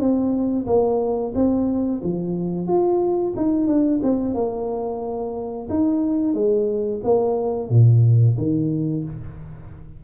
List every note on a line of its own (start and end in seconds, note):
0.00 0.67 C4
0.67 1.34 A#3
1.35 2.02 C4
2.04 2.68 F3
2.68 3.34 F4
3.37 3.67 D#4
3.67 4.01 D4
4.03 4.35 C4
4.35 5.68 A#3
5.70 6.34 D#4
6.34 7.01 G#3
7.04 7.70 A#3
7.70 8.37 A#2
8.38 9.05 D#3